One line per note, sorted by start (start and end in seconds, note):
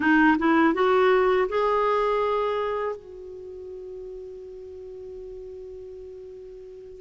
0.00 0.37 D#4
0.38 0.74 E4
0.74 1.48 F#4
1.48 2.96 G#4
2.96 7.00 F#4